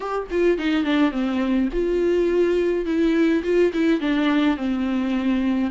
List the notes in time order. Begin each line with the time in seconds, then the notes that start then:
0.00 G4
0.30 F4
0.57 D#4
0.84 D4
1.11 C4
1.72 F4
2.85 E4
3.43 F4
3.73 E4
4.00 D4
4.56 C4